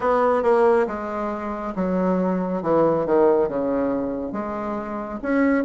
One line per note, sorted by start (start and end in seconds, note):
0.00 0.43 B3
0.43 0.86 A#3
0.87 1.74 G#3
1.75 2.62 F#3
2.62 3.06 E3
3.06 3.48 D#3
3.48 4.32 C#3
4.32 5.19 G#3
5.22 5.64 C#4